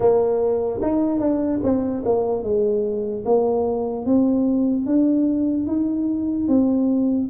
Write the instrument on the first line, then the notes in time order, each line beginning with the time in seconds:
tuba
0.00 A#3
0.81 D#4
1.19 D4
1.63 C4
2.05 A#3
2.43 G#3
3.25 A#3
4.05 C4
4.86 D4
5.66 D#4
6.48 C4